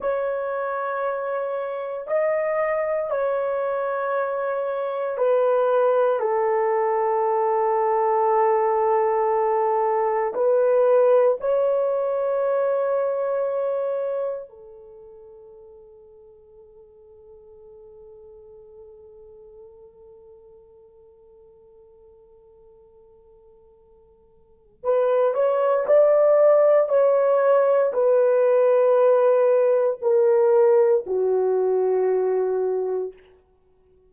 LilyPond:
\new Staff \with { instrumentName = "horn" } { \time 4/4 \tempo 4 = 58 cis''2 dis''4 cis''4~ | cis''4 b'4 a'2~ | a'2 b'4 cis''4~ | cis''2 a'2~ |
a'1~ | a'1 | b'8 cis''8 d''4 cis''4 b'4~ | b'4 ais'4 fis'2 | }